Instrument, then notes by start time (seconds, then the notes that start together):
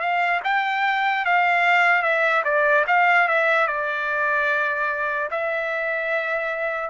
trumpet
0.00 F5
0.44 G5
1.25 F5
2.02 E5
2.44 D5
2.87 F5
3.28 E5
3.67 D5
5.31 E5